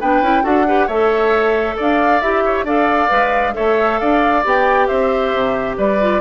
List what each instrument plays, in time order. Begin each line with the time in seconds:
0.00 bassoon B3, clarinet D4, oboe B4, flute G5
0.21 bassoon C#4, clarinet E4
0.42 bassoon D4, clarinet F#4, oboe A4, flute F#5
0.67 clarinet G4, oboe B4
0.87 bassoon A3, clarinet A4, oboe C#5, flute E5
1.77 bassoon D4, oboe D5, flute F5
2.20 bassoon E4, clarinet G4, flute E5
2.45 oboe C#5
2.64 bassoon D4, clarinet A4, oboe D5, flute F5
3.09 bassoon G#3, clarinet B4
3.54 bassoon A3, clarinet A4, oboe C#5, flute E5
3.99 bassoon D4, oboe D5, flute F5
4.44 bassoon B3, clarinet G4, flute G5
4.87 bassoon C4, oboe C5, flute E5
5.34 bassoon C3
5.77 bassoon G3, oboe B4, flute D5
6.01 clarinet F4